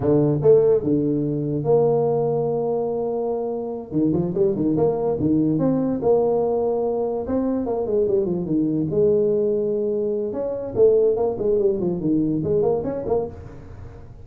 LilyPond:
\new Staff \with { instrumentName = "tuba" } { \time 4/4 \tempo 4 = 145 d4 a4 d2 | ais1~ | ais4. dis8 f8 g8 dis8 ais8~ | ais8 dis4 c'4 ais4.~ |
ais4. c'4 ais8 gis8 g8 | f8 dis4 gis2~ gis8~ | gis4 cis'4 a4 ais8 gis8 | g8 f8 dis4 gis8 ais8 cis'8 ais8 | }